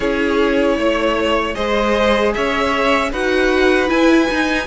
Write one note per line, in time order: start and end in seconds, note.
0.00 0.77 C#4
0.00 1.54 E4
0.00 0.76 G#4
0.00 1.54 C#5
0.77 1.55 A3
0.77 1.55 C#5
1.54 2.34 G#3
1.54 3.10 G#4
1.54 2.33 C5
1.54 2.32 D#5
2.34 3.12 C#4
2.34 3.11 C#5
2.34 3.12 E5
3.11 3.89 D#4
3.11 3.87 F#4
3.11 4.66 B4
3.11 3.89 F#5
3.87 4.26 E4
3.87 4.29 E4
3.87 4.67 G#5
4.30 4.67 D#4